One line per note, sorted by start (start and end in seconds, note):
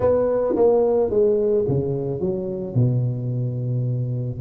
0.00 0.55 B3
0.55 1.10 A#3
1.10 1.65 G#3
1.67 2.20 C#3
2.20 2.74 F#3
2.74 4.40 B2